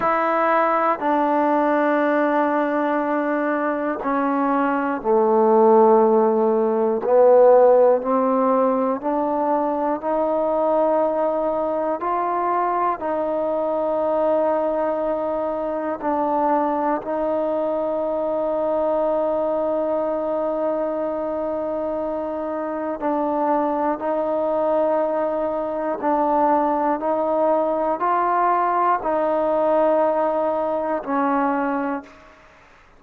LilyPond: \new Staff \with { instrumentName = "trombone" } { \time 4/4 \tempo 4 = 60 e'4 d'2. | cis'4 a2 b4 | c'4 d'4 dis'2 | f'4 dis'2. |
d'4 dis'2.~ | dis'2. d'4 | dis'2 d'4 dis'4 | f'4 dis'2 cis'4 | }